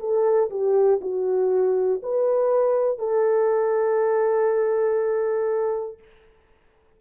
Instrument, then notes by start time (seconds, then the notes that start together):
horn
0.00 A4
0.51 G4
1.01 F#4
2.03 B4
2.99 A4